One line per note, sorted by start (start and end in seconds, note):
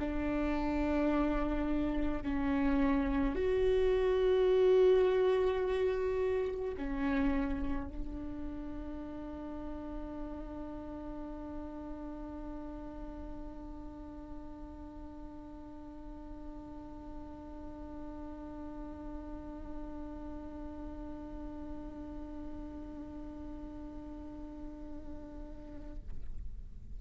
0.00 2.23 D4
2.23 3.35 C#4
3.35 6.75 F#4
6.77 7.88 C#4
7.88 25.99 D4